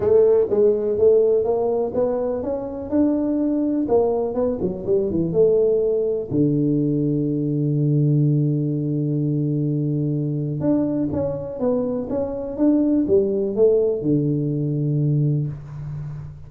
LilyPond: \new Staff \with { instrumentName = "tuba" } { \time 4/4 \tempo 4 = 124 a4 gis4 a4 ais4 | b4 cis'4 d'2 | ais4 b8 fis8 g8 e8 a4~ | a4 d2.~ |
d1~ | d2 d'4 cis'4 | b4 cis'4 d'4 g4 | a4 d2. | }